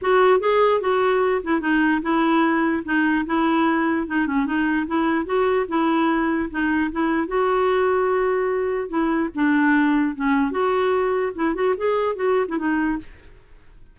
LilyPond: \new Staff \with { instrumentName = "clarinet" } { \time 4/4 \tempo 4 = 148 fis'4 gis'4 fis'4. e'8 | dis'4 e'2 dis'4 | e'2 dis'8 cis'8 dis'4 | e'4 fis'4 e'2 |
dis'4 e'4 fis'2~ | fis'2 e'4 d'4~ | d'4 cis'4 fis'2 | e'8 fis'8 gis'4 fis'8. e'16 dis'4 | }